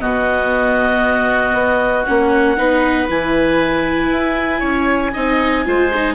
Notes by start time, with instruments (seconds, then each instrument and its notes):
0.00 bassoon B2, viola B3, oboe F#4, clarinet D#5
1.53 bassoon B3
2.04 bassoon A#3, viola C#4, clarinet F#5
2.57 bassoon B3, viola D#4, oboe B4
3.09 bassoon E3, viola E4, clarinet G#5
4.11 bassoon E4
4.60 bassoon C#4, oboe C#5
5.13 bassoon C4, viola D#4, oboe D#5
5.65 bassoon G#3, viola F4, oboe C5
5.94 viola D#4